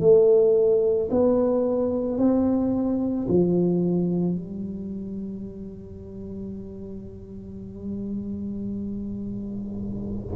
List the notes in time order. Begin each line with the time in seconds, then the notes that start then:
0.00 A3
1.11 B3
2.18 C4
3.28 F3
4.36 G3